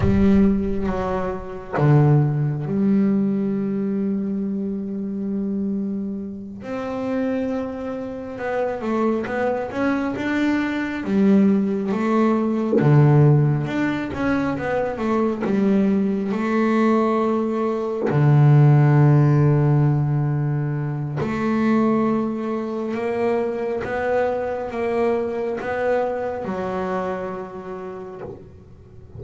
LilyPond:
\new Staff \with { instrumentName = "double bass" } { \time 4/4 \tempo 4 = 68 g4 fis4 d4 g4~ | g2.~ g8 c'8~ | c'4. b8 a8 b8 cis'8 d'8~ | d'8 g4 a4 d4 d'8 |
cis'8 b8 a8 g4 a4.~ | a8 d2.~ d8 | a2 ais4 b4 | ais4 b4 fis2 | }